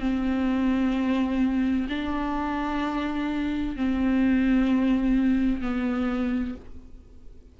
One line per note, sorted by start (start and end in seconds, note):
0.00 1.87 C4
1.89 3.76 D4
3.76 5.62 C4
5.62 6.55 B3